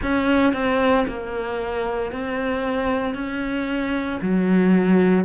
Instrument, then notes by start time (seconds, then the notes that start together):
cello
0.02 C#4
0.53 C4
1.07 A#3
2.11 C4
3.14 C#4
4.21 F#3